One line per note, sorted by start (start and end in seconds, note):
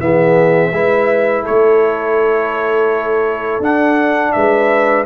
0.00 0.72 E3
0.00 0.72 B3
0.00 0.72 G#4
0.00 1.45 E5
0.72 1.44 G#3
0.72 3.62 E4
0.72 1.43 B4
1.43 3.60 A3
1.43 4.32 A4
1.43 3.63 C#5
3.60 4.32 D4
3.60 5.06 D4
3.60 4.32 F#5
4.32 5.06 G#3
4.32 5.06 B4
4.32 5.05 E5